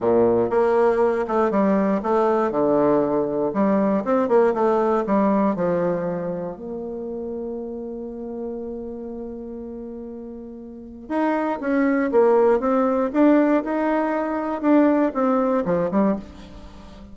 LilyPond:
\new Staff \with { instrumentName = "bassoon" } { \time 4/4 \tempo 4 = 119 ais,4 ais4. a8 g4 | a4 d2 g4 | c'8 ais8 a4 g4 f4~ | f4 ais2.~ |
ais1~ | ais2 dis'4 cis'4 | ais4 c'4 d'4 dis'4~ | dis'4 d'4 c'4 f8 g8 | }